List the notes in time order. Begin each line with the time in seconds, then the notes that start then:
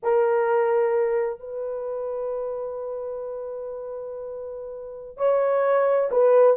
0.02 A#4
1.39 B4
5.17 C#5
6.11 B4